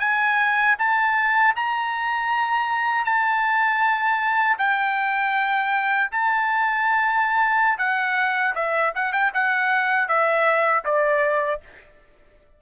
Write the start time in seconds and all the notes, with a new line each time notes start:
0.00 G#5
0.79 A5
1.56 A#5
3.06 A5
4.58 G5
6.11 A5
7.78 F#5
8.55 E5
8.95 F#5
9.13 G5
9.34 F#5
10.08 E5
10.85 D5